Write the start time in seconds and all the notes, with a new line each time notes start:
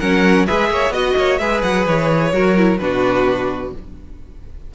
0.00 F#3 C#4 A#4 F#5
0.47 G#3 G#4 B4 E5
0.71 A#3 C#5
0.90 B3 F#4 D#5
1.17 A#3 C#5
1.38 G#3 G#4 B4 E5
1.63 F#3 F#5
1.87 E3 C#5
2.33 F#3 F#4 A#4
2.57 E4
2.79 B2 D4 F#4 B4